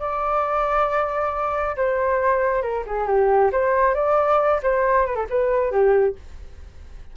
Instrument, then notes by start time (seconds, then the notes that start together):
flute
0.00 D5
1.77 C5
2.62 A#4
2.87 G#4
3.07 G4
3.52 C5
3.95 D5
4.63 C5
5.06 B4
5.16 A4
5.30 B4
5.72 G4